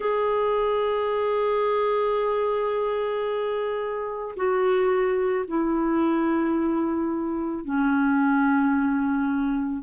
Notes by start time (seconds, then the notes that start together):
0.00 G#4
4.36 F#4
5.47 E4
7.64 C#4